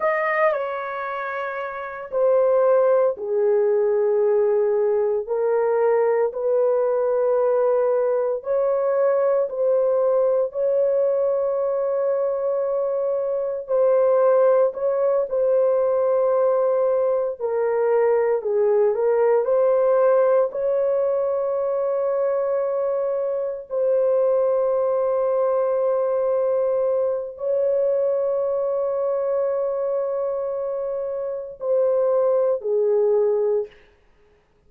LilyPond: \new Staff \with { instrumentName = "horn" } { \time 4/4 \tempo 4 = 57 dis''8 cis''4. c''4 gis'4~ | gis'4 ais'4 b'2 | cis''4 c''4 cis''2~ | cis''4 c''4 cis''8 c''4.~ |
c''8 ais'4 gis'8 ais'8 c''4 cis''8~ | cis''2~ cis''8 c''4.~ | c''2 cis''2~ | cis''2 c''4 gis'4 | }